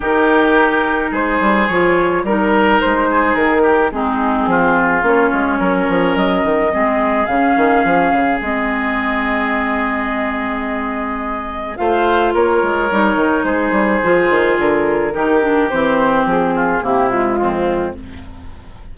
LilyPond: <<
  \new Staff \with { instrumentName = "flute" } { \time 4/4 \tempo 4 = 107 ais'2 c''4 cis''4 | ais'4 c''4 ais'4 gis'4~ | gis'4 cis''2 dis''4~ | dis''4 f''2 dis''4~ |
dis''1~ | dis''4 f''4 cis''2 | c''2 ais'2 | c''4 gis'4 g'8 f'4. | }
  \new Staff \with { instrumentName = "oboe" } { \time 4/4 g'2 gis'2 | ais'4. gis'4 g'8 dis'4 | f'2 ais'2 | gis'1~ |
gis'1~ | gis'4 c''4 ais'2 | gis'2. g'4~ | g'4. f'8 e'4 c'4 | }
  \new Staff \with { instrumentName = "clarinet" } { \time 4/4 dis'2. f'4 | dis'2. c'4~ | c'4 cis'2. | c'4 cis'2 c'4~ |
c'1~ | c'4 f'2 dis'4~ | dis'4 f'2 dis'8 d'8 | c'2 ais8 gis4. | }
  \new Staff \with { instrumentName = "bassoon" } { \time 4/4 dis2 gis8 g8 f4 | g4 gis4 dis4 gis4 | f4 ais8 gis8 fis8 f8 fis8 dis8 | gis4 cis8 dis8 f8 cis8 gis4~ |
gis1~ | gis4 a4 ais8 gis8 g8 dis8 | gis8 g8 f8 dis8 d4 dis4 | e4 f4 c4 f,4 | }
>>